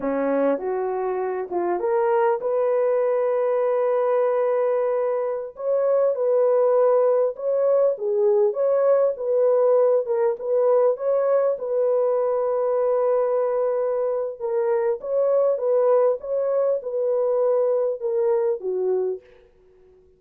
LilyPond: \new Staff \with { instrumentName = "horn" } { \time 4/4 \tempo 4 = 100 cis'4 fis'4. f'8 ais'4 | b'1~ | b'4~ b'16 cis''4 b'4.~ b'16~ | b'16 cis''4 gis'4 cis''4 b'8.~ |
b'8. ais'8 b'4 cis''4 b'8.~ | b'1 | ais'4 cis''4 b'4 cis''4 | b'2 ais'4 fis'4 | }